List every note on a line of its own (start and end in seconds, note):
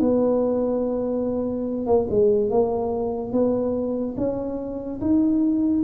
0.00 1.86 B3
1.86 2.07 A#3
2.10 2.50 G#3
2.50 3.32 A#3
3.32 4.15 B3
4.17 5.00 C#4
5.01 5.84 D#4